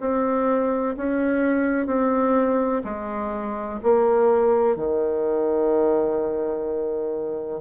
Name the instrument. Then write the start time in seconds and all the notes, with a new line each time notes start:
bassoon
0.00 C4
0.97 C#4
1.87 C4
2.84 G#3
3.83 A#3
4.76 D#3